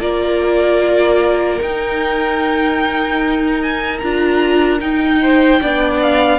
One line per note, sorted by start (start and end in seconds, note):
0.00 1.60 A#3
0.00 1.60 F4
0.00 5.20 A#4
0.00 1.61 D5
1.61 4.01 D#4
1.61 4.02 D#4
1.61 3.62 G5
3.62 3.99 G#5
3.99 4.81 D4
3.99 4.79 F4
3.99 4.79 A#5
4.79 5.60 D#4
4.79 5.61 D#4
4.79 6.01 G5
5.22 5.62 C5
5.61 6.39 B3
5.61 6.39 D4
5.61 6.39 D5
6.02 6.39 F5